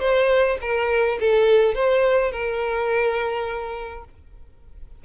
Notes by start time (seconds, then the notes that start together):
0.00 C5
0.62 A#4
1.20 A4
1.75 C5
2.32 A#4